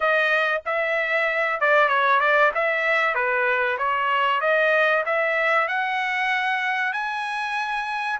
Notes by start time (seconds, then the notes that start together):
0.00 D#5
0.65 E5
1.60 D5
1.88 C#5
2.20 D5
2.54 E5
3.14 B4
3.78 C#5
4.40 D#5
5.05 E5
5.68 F#5
6.92 G#5